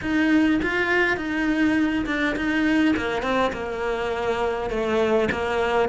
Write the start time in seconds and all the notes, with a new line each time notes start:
0.01 D#4
0.62 F4
1.16 D#4
2.06 D4
2.35 D#4
2.96 A#3
3.22 C4
3.52 A#3
4.70 A3
5.31 A#3